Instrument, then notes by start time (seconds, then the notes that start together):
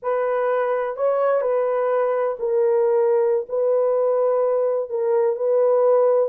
horn
0.02 B4
0.96 C#5
1.41 B4
2.39 A#4
3.48 B4
4.89 A#4
5.36 B4